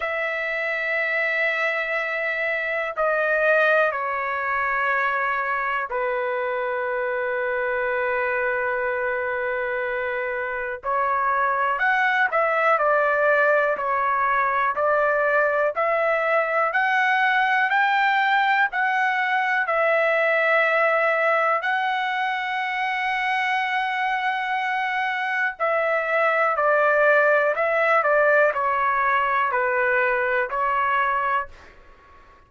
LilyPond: \new Staff \with { instrumentName = "trumpet" } { \time 4/4 \tempo 4 = 61 e''2. dis''4 | cis''2 b'2~ | b'2. cis''4 | fis''8 e''8 d''4 cis''4 d''4 |
e''4 fis''4 g''4 fis''4 | e''2 fis''2~ | fis''2 e''4 d''4 | e''8 d''8 cis''4 b'4 cis''4 | }